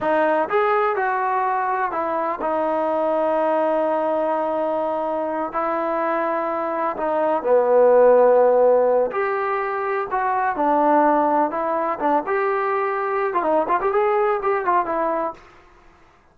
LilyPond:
\new Staff \with { instrumentName = "trombone" } { \time 4/4 \tempo 4 = 125 dis'4 gis'4 fis'2 | e'4 dis'2.~ | dis'2.~ dis'8 e'8~ | e'2~ e'8 dis'4 b8~ |
b2. g'4~ | g'4 fis'4 d'2 | e'4 d'8 g'2~ g'16 f'16 | dis'8 f'16 g'16 gis'4 g'8 f'8 e'4 | }